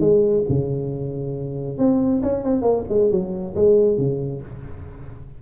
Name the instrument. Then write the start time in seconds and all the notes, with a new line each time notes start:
tuba
0.00 G#3
0.49 C#3
1.78 C4
2.23 C#4
2.44 C4
2.62 A#3
2.89 G#3
3.11 F#3
3.55 G#3
3.98 C#3